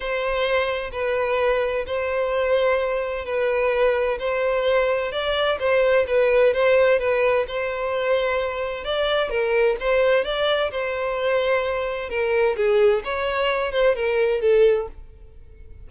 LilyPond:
\new Staff \with { instrumentName = "violin" } { \time 4/4 \tempo 4 = 129 c''2 b'2 | c''2. b'4~ | b'4 c''2 d''4 | c''4 b'4 c''4 b'4 |
c''2. d''4 | ais'4 c''4 d''4 c''4~ | c''2 ais'4 gis'4 | cis''4. c''8 ais'4 a'4 | }